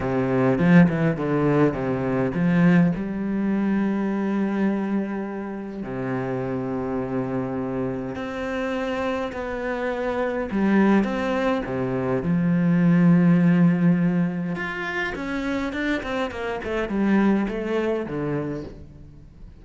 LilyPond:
\new Staff \with { instrumentName = "cello" } { \time 4/4 \tempo 4 = 103 c4 f8 e8 d4 c4 | f4 g2.~ | g2 c2~ | c2 c'2 |
b2 g4 c'4 | c4 f2.~ | f4 f'4 cis'4 d'8 c'8 | ais8 a8 g4 a4 d4 | }